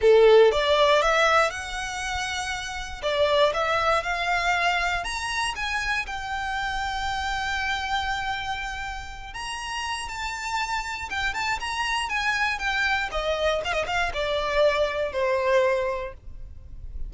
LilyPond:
\new Staff \with { instrumentName = "violin" } { \time 4/4 \tempo 4 = 119 a'4 d''4 e''4 fis''4~ | fis''2 d''4 e''4 | f''2 ais''4 gis''4 | g''1~ |
g''2~ g''8 ais''4. | a''2 g''8 a''8 ais''4 | gis''4 g''4 dis''4 f''16 dis''16 f''8 | d''2 c''2 | }